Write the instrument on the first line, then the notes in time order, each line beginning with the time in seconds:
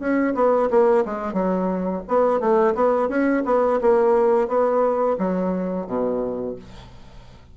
bassoon
0.00 C#4
0.35 B3
0.71 A#3
1.06 G#3
1.34 F#3
2.08 B3
2.40 A3
2.75 B3
3.09 C#4
3.46 B3
3.82 A#3
4.48 B3
5.19 F#3
5.87 B2